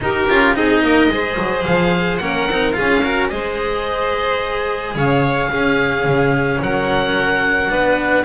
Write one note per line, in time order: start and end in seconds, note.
0.00 0.28 D#4
0.00 0.29 D#4
0.00 0.56 G4
0.00 0.55 A#4
0.29 0.55 C#4
0.29 0.55 F4
0.55 0.82 C4
0.55 1.10 D#4
0.55 0.83 G#4
0.55 1.64 D#5
0.82 1.08 A#3
0.82 1.11 A#4
1.08 1.35 G#3
1.08 2.20 G#4
1.08 2.21 C5
1.37 1.65 F#3
1.64 2.20 F3
1.64 2.17 F5
2.17 2.47 A#3
2.17 2.48 C#4
2.17 2.76 A#4
2.17 2.72 F#5
2.48 2.76 C4
2.48 2.72 D#4
2.72 3.00 F4
2.72 3.02 G#4
2.72 3.28 F5
2.79 3.31 C#4
3.02 3.29 F#4
3.02 3.30 A#4
3.29 4.95 G#3
3.29 5.49 G#4
3.29 4.95 C5
3.29 4.94 D#5
4.95 5.50 C#3
4.95 5.50 C#5
4.95 6.61 F5
5.50 7.69 C#4
5.50 6.04 C#4
5.50 6.61 G#4
6.04 6.59 C#3
6.61 7.70 F#3
6.61 7.71 A#4
6.61 8.24 F#5
7.69 8.24 B3
7.69 8.24 D4
7.69 8.24 B4